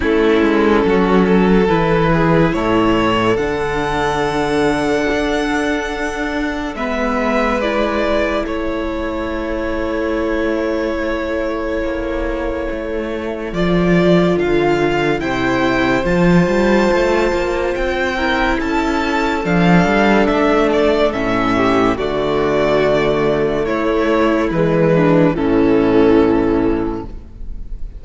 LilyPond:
<<
  \new Staff \with { instrumentName = "violin" } { \time 4/4 \tempo 4 = 71 a'2 b'4 cis''4 | fis''1 | e''4 d''4 cis''2~ | cis''1 |
d''4 f''4 g''4 a''4~ | a''4 g''4 a''4 f''4 | e''8 d''8 e''4 d''2 | cis''4 b'4 a'2 | }
  \new Staff \with { instrumentName = "violin" } { \time 4/4 e'4 fis'8 a'4 gis'8 a'4~ | a'1 | b'2 a'2~ | a'1~ |
a'2 c''2~ | c''4. ais'8 a'2~ | a'4. g'8 fis'2 | e'4. d'8 cis'2 | }
  \new Staff \with { instrumentName = "viola" } { \time 4/4 cis'2 e'2 | d'1 | b4 e'2.~ | e'1 |
f'2 e'4 f'4~ | f'4. e'4. d'4~ | d'4 cis'4 a2~ | a4 gis4 e2 | }
  \new Staff \with { instrumentName = "cello" } { \time 4/4 a8 gis8 fis4 e4 a,4 | d2 d'2 | gis2 a2~ | a2 ais4 a4 |
f4 d4 c4 f8 g8 | a8 ais8 c'4 cis'4 f8 g8 | a4 a,4 d2 | a4 e4 a,2 | }
>>